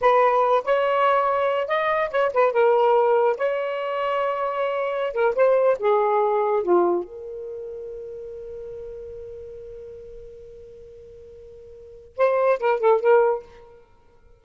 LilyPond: \new Staff \with { instrumentName = "saxophone" } { \time 4/4 \tempo 4 = 143 b'4. cis''2~ cis''8 | dis''4 cis''8 b'8 ais'2 | cis''1~ | cis''16 ais'8 c''4 gis'2 f'16~ |
f'8. ais'2.~ ais'16~ | ais'1~ | ais'1~ | ais'4 c''4 ais'8 a'8 ais'4 | }